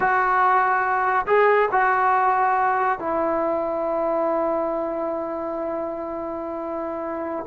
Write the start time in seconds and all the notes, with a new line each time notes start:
0.00 F#4
1.26 G#4
1.71 F#4
2.99 E4